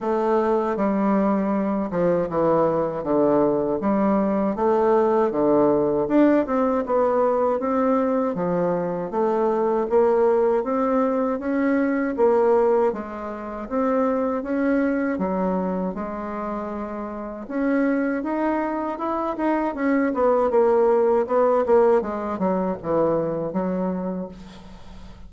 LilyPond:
\new Staff \with { instrumentName = "bassoon" } { \time 4/4 \tempo 4 = 79 a4 g4. f8 e4 | d4 g4 a4 d4 | d'8 c'8 b4 c'4 f4 | a4 ais4 c'4 cis'4 |
ais4 gis4 c'4 cis'4 | fis4 gis2 cis'4 | dis'4 e'8 dis'8 cis'8 b8 ais4 | b8 ais8 gis8 fis8 e4 fis4 | }